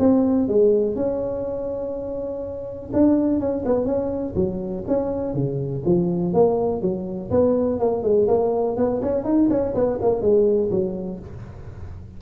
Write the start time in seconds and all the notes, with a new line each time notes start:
0.00 C4
0.49 G#3
0.96 C#4
2.93 D4
3.40 C#4
3.66 B3
3.86 C#4
4.36 F#3
4.88 C#4
5.34 C#3
5.86 F3
6.34 A#3
6.82 F#3
7.31 B3
7.80 A#3
8.03 G#3
8.28 A#3
8.77 B3
9.02 C#4
9.25 D#4
9.50 C#4
9.75 B3
10.02 A#3
10.22 G#3
10.71 F#3